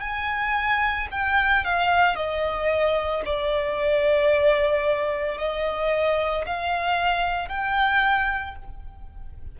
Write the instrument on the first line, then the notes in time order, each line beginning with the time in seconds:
violin
0.00 G#5
1.11 G5
1.64 F5
2.15 D#5
3.25 D5
5.38 D#5
6.45 F5
7.48 G5